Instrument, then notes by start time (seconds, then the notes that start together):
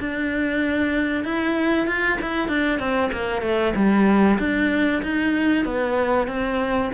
cello
0.00 D4
1.24 E4
1.87 F4
2.21 E4
2.49 D4
2.80 C4
3.12 A#3
3.42 A3
3.75 G3
4.39 D4
5.03 D#4
5.65 B3
6.28 C4